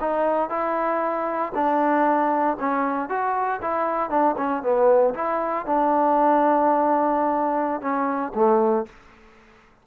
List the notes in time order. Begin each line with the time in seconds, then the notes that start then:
0.00 D#4
0.49 E4
1.54 D4
2.59 C#4
3.09 F#4
3.61 E4
4.10 D4
4.37 C#4
4.62 B3
5.14 E4
5.65 D4
7.81 C#4
8.34 A3